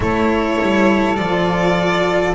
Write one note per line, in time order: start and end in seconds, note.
0.00 0.57 A3
0.00 1.16 E4
0.00 2.34 A4
0.00 1.16 C#5
0.61 1.19 G3
1.16 2.34 F3
1.16 2.34 F4
1.16 2.34 D5